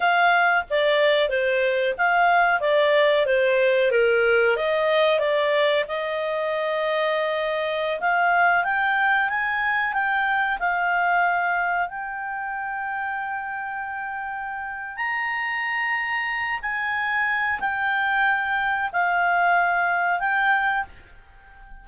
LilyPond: \new Staff \with { instrumentName = "clarinet" } { \time 4/4 \tempo 4 = 92 f''4 d''4 c''4 f''4 | d''4 c''4 ais'4 dis''4 | d''4 dis''2.~ | dis''16 f''4 g''4 gis''4 g''8.~ |
g''16 f''2 g''4.~ g''16~ | g''2. ais''4~ | ais''4. gis''4. g''4~ | g''4 f''2 g''4 | }